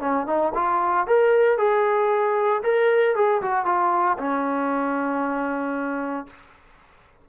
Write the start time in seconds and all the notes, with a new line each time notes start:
0.00 C#4
0.26 D#4
0.54 F4
1.07 A#4
1.57 G#4
2.63 A#4
3.15 G#4
3.42 F#4
3.65 F4
4.18 C#4